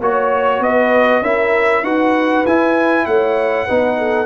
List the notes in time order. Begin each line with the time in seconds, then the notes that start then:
0.00 A#3 F#4 C#5
0.60 B3 B4 D#5
1.21 C#4 E4 A#4 E5
1.83 D#4 F#4 B4 F#5
2.46 E4 G#5
3.06 A3 C#5 F#5
3.66 B3 D#4 B4
3.98 A4